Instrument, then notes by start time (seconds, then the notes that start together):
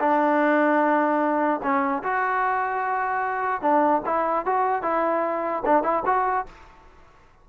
trombone
0.00 D4
1.63 C#4
2.04 F#4
3.62 D4
4.06 E4
4.46 F#4
4.83 E4
5.66 D4
5.84 E4
6.06 F#4